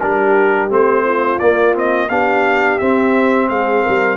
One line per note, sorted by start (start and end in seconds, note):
0.00 0.70 G3
0.00 0.69 D4
0.00 1.05 G4
0.00 0.70 A#4
0.69 1.40 A3
0.69 1.39 C4
0.69 1.39 C5
1.05 2.09 F4
1.39 2.10 A#3
1.39 1.74 A#3
1.39 1.74 D5
1.74 2.09 C4
1.74 2.09 D#5
2.09 2.80 B3
2.09 2.80 D4
2.09 3.50 G4
2.09 2.79 F5
2.79 4.17 C4
2.79 3.50 C4
2.79 3.49 E5
3.49 3.85 G#3
3.49 3.83 G#4
3.49 4.17 F5
3.83 4.17 G3
3.83 4.17 A#4